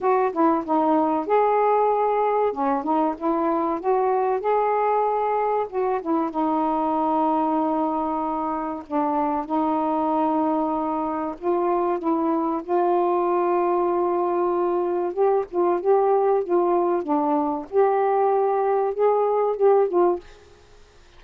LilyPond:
\new Staff \with { instrumentName = "saxophone" } { \time 4/4 \tempo 4 = 95 fis'8 e'8 dis'4 gis'2 | cis'8 dis'8 e'4 fis'4 gis'4~ | gis'4 fis'8 e'8 dis'2~ | dis'2 d'4 dis'4~ |
dis'2 f'4 e'4 | f'1 | g'8 f'8 g'4 f'4 d'4 | g'2 gis'4 g'8 f'8 | }